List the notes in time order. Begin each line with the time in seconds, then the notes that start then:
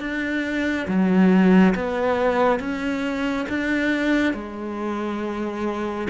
0.00 D4
0.88 F#3
1.75 B3
2.60 C#4
3.49 D4
4.34 G#3